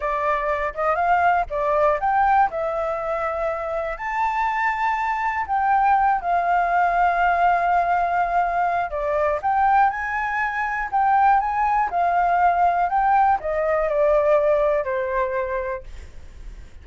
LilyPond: \new Staff \with { instrumentName = "flute" } { \time 4/4 \tempo 4 = 121 d''4. dis''8 f''4 d''4 | g''4 e''2. | a''2. g''4~ | g''8 f''2.~ f''8~ |
f''2 d''4 g''4 | gis''2 g''4 gis''4 | f''2 g''4 dis''4 | d''2 c''2 | }